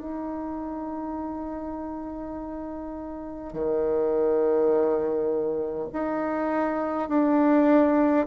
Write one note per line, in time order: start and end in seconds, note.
0.00 3.53 D#4
3.53 5.88 D#3
5.93 7.09 D#4
7.09 8.26 D4